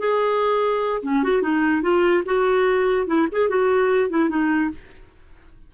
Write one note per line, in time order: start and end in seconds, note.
0.00 1.03 G#4
1.03 1.24 C#4
1.24 1.43 F#4
1.43 1.83 D#4
1.83 2.24 F4
2.26 3.08 F#4
3.08 3.28 E4
3.32 3.49 G#4
3.49 4.10 F#4
4.10 4.30 E4
4.30 4.71 D#4